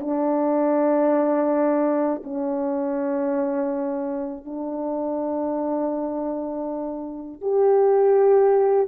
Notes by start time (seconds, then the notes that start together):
0.00 D4
2.24 C#4
4.45 D4
7.41 G4